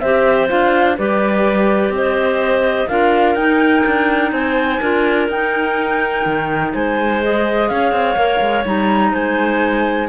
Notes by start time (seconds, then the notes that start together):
0.00 C4 G4 C5 E5
0.48 D4 F4 F5
0.97 G3 G4 B4 D5
1.90 C4 C5 D#5
2.88 D4 F4 A#4 F5
3.35 D#4 G5
3.86 D4
4.32 C4 C5 G#5
4.81 D4 F4 A#4
5.28 D#4 G5
6.25 D#3
6.74 G#3 C5 G#5
7.22 G#4 D#5
7.69 C#4 C#5 F5
7.92 C4
8.16 A#3 A#4
8.41 G#3
8.65 G3 D#4 A#5
9.12 G#3 C5 G#5